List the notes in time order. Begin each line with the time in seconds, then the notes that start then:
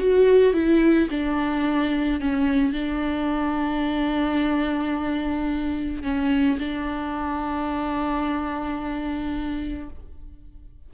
0.00 F#4
0.54 E4
1.11 D4
2.21 C#4
2.73 D4
6.04 C#4
6.60 D4